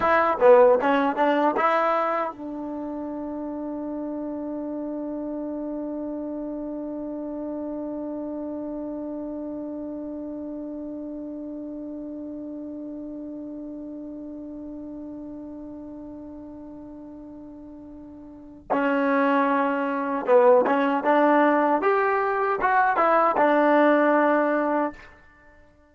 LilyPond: \new Staff \with { instrumentName = "trombone" } { \time 4/4 \tempo 4 = 77 e'8 b8 cis'8 d'8 e'4 d'4~ | d'1~ | d'1~ | d'1~ |
d'1~ | d'1 | cis'2 b8 cis'8 d'4 | g'4 fis'8 e'8 d'2 | }